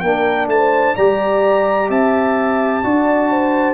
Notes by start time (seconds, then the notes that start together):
0.00 A#3 D4 A#4 G5
0.47 A3 C5 A5
0.96 G3 G4 D5 A#5
1.89 C4 E5 A5
2.84 D4 F#4 D5
3.31 C5